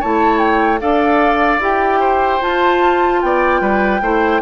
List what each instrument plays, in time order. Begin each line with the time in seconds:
0.00 bassoon A3, clarinet E4, oboe C#5, flute A5
0.39 flute G5
0.80 bassoon D4, clarinet A4, oboe D5, flute F5
1.60 bassoon E4, clarinet G4, flute G5
2.00 oboe C5
2.41 clarinet F4, bassoon F4, flute A5
3.22 bassoon B3, oboe D5, flute G5
3.61 bassoon G3, oboe B4
4.02 bassoon A3, clarinet E4, oboe C5